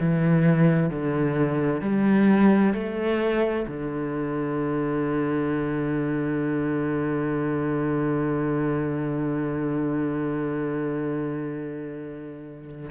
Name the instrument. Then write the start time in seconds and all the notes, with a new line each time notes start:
cello
0.00 E3
0.91 D3
1.82 G3
2.74 A3
3.68 D3